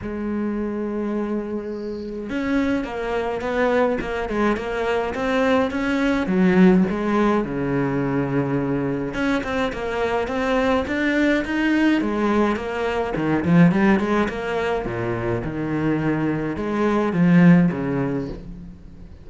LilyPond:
\new Staff \with { instrumentName = "cello" } { \time 4/4 \tempo 4 = 105 gis1 | cis'4 ais4 b4 ais8 gis8 | ais4 c'4 cis'4 fis4 | gis4 cis2. |
cis'8 c'8 ais4 c'4 d'4 | dis'4 gis4 ais4 dis8 f8 | g8 gis8 ais4 ais,4 dis4~ | dis4 gis4 f4 cis4 | }